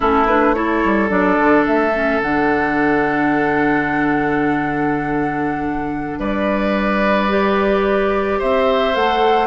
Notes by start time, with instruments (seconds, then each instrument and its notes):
0.00 bassoon A3, clarinet C#4, oboe E4, flute A4
0.26 clarinet D4, flute B4
0.54 clarinet E4, oboe A4, flute C#5
0.84 bassoon G3
1.08 bassoon F#3, clarinet D4, flute D5
1.38 bassoon D3
1.66 bassoon A3, flute E5
1.94 clarinet C#4
2.20 bassoon D3, clarinet D4, flute F#5
6.19 bassoon G3, oboe B4, flute D5
7.29 clarinet G4
8.38 bassoon C4, oboe C5, flute E5
8.93 bassoon A3, clarinet A4, flute F#5